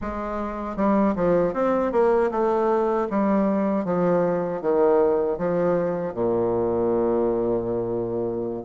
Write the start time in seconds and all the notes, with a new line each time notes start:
0.01 G#3
0.76 G3
1.15 F3
1.53 C4
1.92 A#3
2.31 A3
3.09 G3
3.84 F3
4.61 D#3
5.37 F3
6.14 A#2